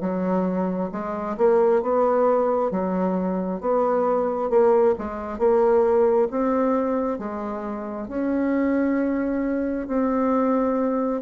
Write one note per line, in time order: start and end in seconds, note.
0.00 0.90 F#3
0.92 1.36 G#3
1.37 1.82 A#3
1.82 2.71 B3
2.71 3.60 F#3
3.60 4.49 B3
4.49 4.94 A#3
4.98 5.38 G#3
5.38 6.28 A#3
6.30 7.18 C4
7.18 8.08 G#3
8.08 9.87 C#4
9.87 11.21 C4